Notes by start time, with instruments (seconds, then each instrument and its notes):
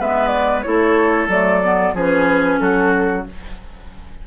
0.00 bassoon G#3, clarinet B3, oboe B4, flute E5
0.28 flute D5
0.62 bassoon A3, clarinet E4, oboe A4, flute C#5
1.29 bassoon F#3, clarinet A3, flute D5
1.63 clarinet B3
1.94 bassoon F3, clarinet C#4, oboe G#4, flute B4
2.59 bassoon F#3, oboe F#4, flute A4